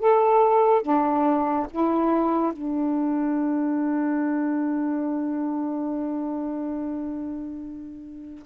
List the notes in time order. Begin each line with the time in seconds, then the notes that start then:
0.00 A4
0.82 D4
1.71 E4
2.53 D4